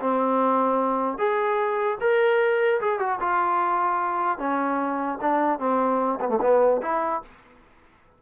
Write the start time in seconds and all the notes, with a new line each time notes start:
0.00 C4
1.17 G#4
2.00 A#4
2.80 G#4
2.99 F#4
3.20 F4
4.38 C#4
5.21 D4
5.59 C4
6.20 B3
6.29 A3
6.41 B3
6.81 E4